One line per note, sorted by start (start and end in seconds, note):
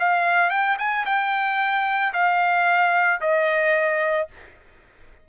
0.00 0.50 F5
0.50 0.77 G5
0.79 1.06 G#5
1.06 2.13 G5
2.13 3.20 F5
3.21 4.28 D#5